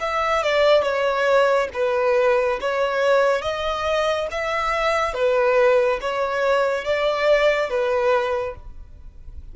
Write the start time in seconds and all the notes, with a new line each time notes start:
0.00 E5
0.43 D5
0.83 C#5
1.74 B4
2.61 C#5
3.42 D#5
4.31 E5
5.14 B4
6.01 C#5
6.85 D5
7.70 B4